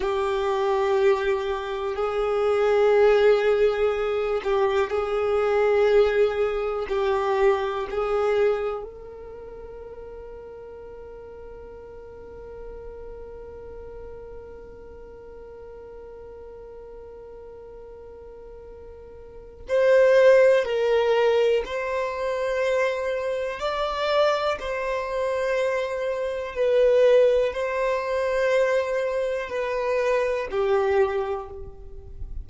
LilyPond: \new Staff \with { instrumentName = "violin" } { \time 4/4 \tempo 4 = 61 g'2 gis'2~ | gis'8 g'8 gis'2 g'4 | gis'4 ais'2.~ | ais'1~ |
ais'1 | c''4 ais'4 c''2 | d''4 c''2 b'4 | c''2 b'4 g'4 | }